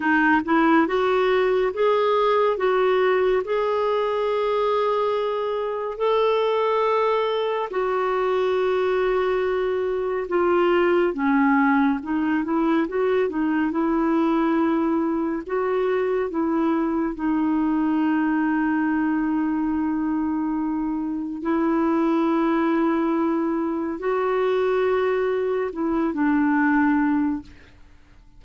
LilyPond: \new Staff \with { instrumentName = "clarinet" } { \time 4/4 \tempo 4 = 70 dis'8 e'8 fis'4 gis'4 fis'4 | gis'2. a'4~ | a'4 fis'2. | f'4 cis'4 dis'8 e'8 fis'8 dis'8 |
e'2 fis'4 e'4 | dis'1~ | dis'4 e'2. | fis'2 e'8 d'4. | }